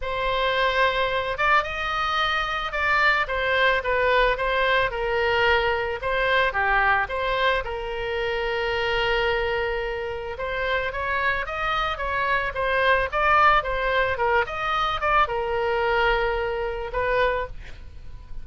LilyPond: \new Staff \with { instrumentName = "oboe" } { \time 4/4 \tempo 4 = 110 c''2~ c''8 d''8 dis''4~ | dis''4 d''4 c''4 b'4 | c''4 ais'2 c''4 | g'4 c''4 ais'2~ |
ais'2. c''4 | cis''4 dis''4 cis''4 c''4 | d''4 c''4 ais'8 dis''4 d''8 | ais'2. b'4 | }